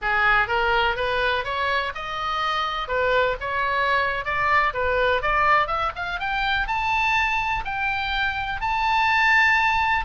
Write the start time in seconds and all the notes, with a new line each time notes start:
0.01 G#4
0.47 A#4
0.96 B4
1.44 C#5
1.94 D#5
2.88 B4
3.40 C#5
4.25 D5
4.73 B4
5.22 D5
5.67 E5
5.95 F5
6.19 G5
6.67 A5
7.65 G5
8.60 A5